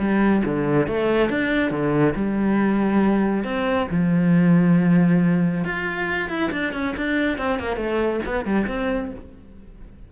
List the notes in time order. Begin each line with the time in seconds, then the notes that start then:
0.00 G3
0.45 D3
0.88 A3
1.30 D4
1.71 D3
2.16 G3
3.44 C4
3.91 F3
5.65 F4
6.30 E4
6.52 D4
6.74 C#4
6.97 D4
7.39 C4
7.60 A#3
7.77 A3
8.26 B3
8.46 G3
8.68 C4